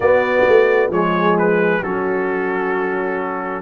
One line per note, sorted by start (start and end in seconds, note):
0.00 0.44 B3
0.00 0.92 B3
0.00 0.90 F#4
0.00 0.91 D5
0.48 0.89 A3
0.89 1.80 F3
0.89 1.83 G#3
0.89 1.80 G#4
0.89 1.37 C#5
1.38 1.83 B4
1.80 3.61 F#3
1.80 3.61 C#4
1.80 3.61 F#4
1.80 3.61 A4